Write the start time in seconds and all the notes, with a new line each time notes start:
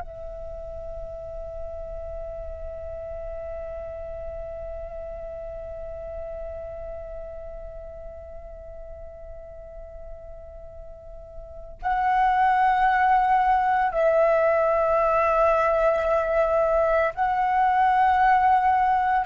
0.00 E5
11.82 F#5
13.92 E5
17.15 F#5